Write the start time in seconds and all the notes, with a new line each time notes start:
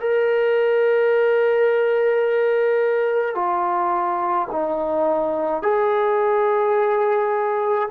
0.00 A#4
3.35 F4
4.51 D#4
5.62 G#4